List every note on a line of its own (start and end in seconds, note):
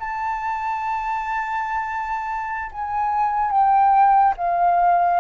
0.00 2.71 A5
2.72 3.51 G#5
3.51 4.34 G5
4.37 5.20 F5